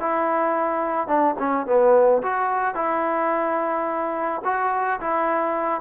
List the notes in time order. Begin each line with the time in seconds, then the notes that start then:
0.00 E4
1.07 D4
1.39 C#4
1.66 B3
2.22 F#4
2.75 E4
4.44 F#4
5.00 E4